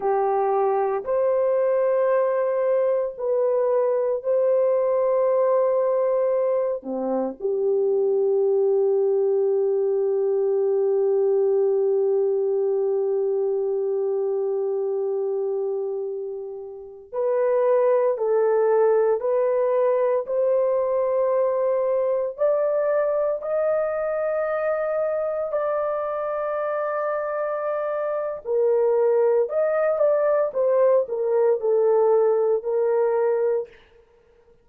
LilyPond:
\new Staff \with { instrumentName = "horn" } { \time 4/4 \tempo 4 = 57 g'4 c''2 b'4 | c''2~ c''8 c'8 g'4~ | g'1~ | g'1~ |
g'16 b'4 a'4 b'4 c''8.~ | c''4~ c''16 d''4 dis''4.~ dis''16~ | dis''16 d''2~ d''8. ais'4 | dis''8 d''8 c''8 ais'8 a'4 ais'4 | }